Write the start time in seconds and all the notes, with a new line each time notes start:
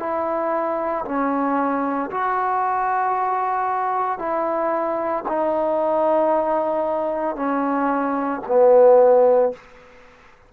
0.00 E4
1.05 C#4
2.11 F#4
4.19 E4
5.29 D#4
7.36 C#4
8.48 B3